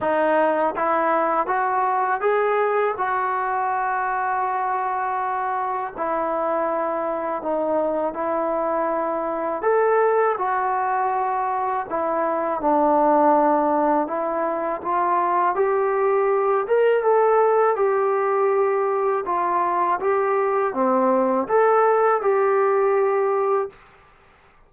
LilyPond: \new Staff \with { instrumentName = "trombone" } { \time 4/4 \tempo 4 = 81 dis'4 e'4 fis'4 gis'4 | fis'1 | e'2 dis'4 e'4~ | e'4 a'4 fis'2 |
e'4 d'2 e'4 | f'4 g'4. ais'8 a'4 | g'2 f'4 g'4 | c'4 a'4 g'2 | }